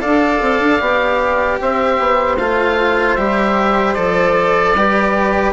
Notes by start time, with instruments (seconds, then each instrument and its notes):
0.00 bassoon D4, cello A4, flute D5, oboe F5
0.41 bassoon C4
0.60 bassoon D4
0.79 bassoon B3, cello G4
1.60 bassoon C4, flute C5, oboe E5
1.99 bassoon B3
2.36 bassoon A3, cello F4, oboe F5
3.15 bassoon G3, cello G4, oboe E5
3.93 bassoon F3, cello A4, oboe D5
4.74 bassoon G3, cello G4, flute B4